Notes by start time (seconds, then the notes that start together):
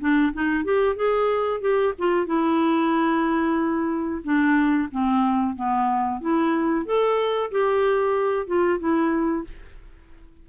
0.00 D4
0.33 D#4
0.64 G4
0.95 G#4
1.61 G4
1.98 F4
2.26 E4
4.24 D4
4.91 C4
5.55 B3
6.20 E4
6.85 A4
7.51 G4
8.47 F4
8.79 E4